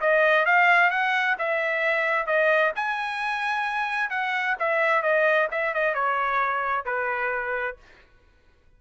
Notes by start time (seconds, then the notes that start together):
0.00 D#5
0.45 F5
0.90 F#5
1.38 E5
2.26 D#5
2.75 G#5
4.10 F#5
4.59 E5
5.02 D#5
5.51 E5
5.74 D#5
5.94 C#5
6.85 B4